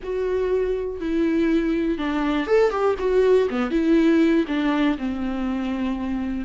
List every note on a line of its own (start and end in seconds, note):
0.03 1.00 F#4
1.00 1.97 E4
1.97 2.47 D4
2.47 2.70 A4
2.70 2.95 G4
2.98 3.48 F#4
3.50 3.71 B3
3.71 4.45 E4
4.47 4.97 D4
4.97 6.45 C4